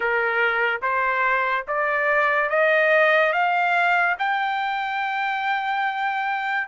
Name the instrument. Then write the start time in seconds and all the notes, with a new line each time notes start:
trumpet
0.00 A#4
0.81 C5
1.67 D5
2.49 D#5
3.33 F5
4.18 G5